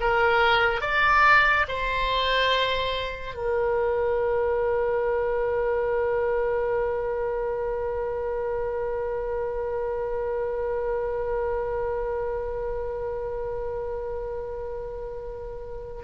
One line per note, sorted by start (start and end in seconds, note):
0.00 0.81 A#4
0.81 1.66 D5
1.68 3.35 C5
3.35 16.02 A#4